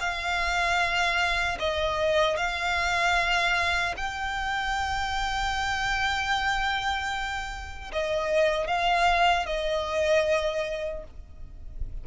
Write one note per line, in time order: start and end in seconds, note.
0.00 1.58 F5
1.59 2.37 D#5
2.37 3.95 F5
3.97 7.91 G5
7.92 8.67 D#5
8.67 9.46 F5
9.46 11.04 D#5